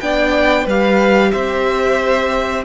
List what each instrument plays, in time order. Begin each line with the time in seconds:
0.00 cello B3, viola D4, violin D5 G5
0.64 cello G3, viola G4, violin B4 F5
1.31 cello C4, violin C5 E5